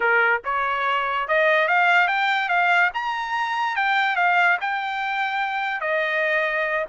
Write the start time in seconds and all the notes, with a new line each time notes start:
0.00 A#4
0.44 C#5
1.28 D#5
1.68 F5
2.07 G5
2.48 F5
2.94 A#5
3.76 G5
4.16 F5
4.60 G5
5.80 D#5